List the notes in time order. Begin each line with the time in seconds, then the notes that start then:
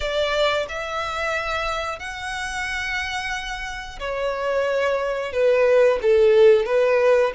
0.00 D5
0.68 E5
1.99 F#5
3.99 C#5
5.32 B4
6.02 A4
6.65 B4